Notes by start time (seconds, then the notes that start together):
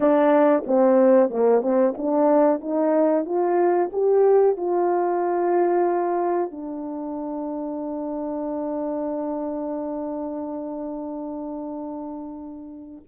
0.00 D4
0.66 C4
1.30 A#3
1.62 C4
1.97 D4
2.61 D#4
3.25 F4
3.92 G4
4.56 F4
6.51 D4